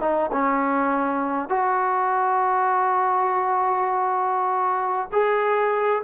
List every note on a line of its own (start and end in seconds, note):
0.00 0.30 D#4
0.32 1.49 C#4
1.49 5.09 F#4
5.12 6.02 G#4